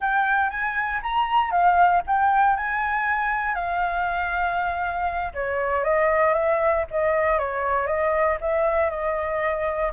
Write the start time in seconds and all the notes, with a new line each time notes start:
0.00 G5
0.50 G#5
1.02 A#5
1.51 F5
2.06 G5
2.56 G#5
3.55 F5
5.34 C#5
5.84 D#5
6.33 E5
6.90 D#5
7.38 C#5
7.87 D#5
8.41 E5
8.90 D#5